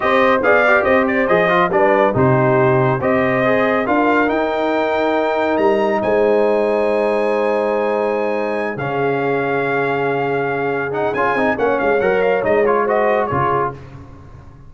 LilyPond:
<<
  \new Staff \with { instrumentName = "trumpet" } { \time 4/4 \tempo 4 = 140 dis''4 f''4 dis''8 d''8 dis''4 | d''4 c''2 dis''4~ | dis''4 f''4 g''2~ | g''4 ais''4 gis''2~ |
gis''1~ | gis''8 f''2.~ f''8~ | f''4. fis''8 gis''4 fis''8 f''8 | fis''8 f''8 dis''8 cis''8 dis''4 cis''4 | }
  \new Staff \with { instrumentName = "horn" } { \time 4/4 c''4 d''4 c''2 | b'4 g'2 c''4~ | c''4 ais'2.~ | ais'2 c''2~ |
c''1~ | c''8 gis'2.~ gis'8~ | gis'2. cis''4~ | cis''2 c''4 gis'4 | }
  \new Staff \with { instrumentName = "trombone" } { \time 4/4 g'4 gis'8 g'4. gis'8 f'8 | d'4 dis'2 g'4 | gis'4 f'4 dis'2~ | dis'1~ |
dis'1~ | dis'8 cis'2.~ cis'8~ | cis'4. dis'8 f'8 dis'8 cis'4 | ais'4 dis'8 f'8 fis'4 f'4 | }
  \new Staff \with { instrumentName = "tuba" } { \time 4/4 c'4 b4 c'4 f4 | g4 c2 c'4~ | c'4 d'4 dis'2~ | dis'4 g4 gis2~ |
gis1~ | gis8 cis2.~ cis8~ | cis2 cis'8 c'8 ais8 gis8 | fis4 gis2 cis4 | }
>>